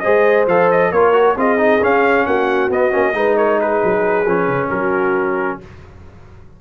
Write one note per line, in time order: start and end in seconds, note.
0.00 0.47 G#3
0.00 0.48 G#4
0.00 0.93 C5
0.00 0.44 D#5
0.47 0.91 F3
0.47 0.94 A4
0.47 0.71 F5
0.71 0.92 D#5
0.92 1.36 A#3
0.92 1.13 F4
0.92 1.38 A#4
0.92 1.37 C#5
1.13 1.35 F#4
1.36 1.81 C4
1.36 1.58 F4
1.36 2.27 G#4
1.36 1.84 D#5
1.58 1.80 D#4
1.82 2.70 C#4
1.82 2.26 C#4
1.82 2.26 F5
2.26 2.70 A#3
2.26 3.16 F#4
2.26 2.71 F#5
2.70 2.92 B3
2.70 2.91 B3
2.70 3.37 D#5
2.91 3.14 A#3
2.91 3.13 C#4
3.14 3.80 G#3
3.14 4.25 D#4
3.14 3.37 B4
3.37 3.60 A#4
3.37 3.60 C#5
3.60 4.69 G#4
3.60 4.70 B4
3.84 4.26 F#3
4.26 4.48 F3
4.26 5.61 C#4
4.48 4.70 C#3
4.69 5.60 F#3
4.69 5.58 F#4
4.69 5.59 A#4